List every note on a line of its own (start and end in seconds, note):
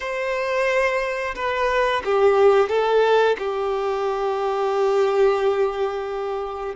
0.00 1.35 C5
1.35 2.02 B4
2.04 2.69 G4
2.69 3.36 A4
3.38 6.75 G4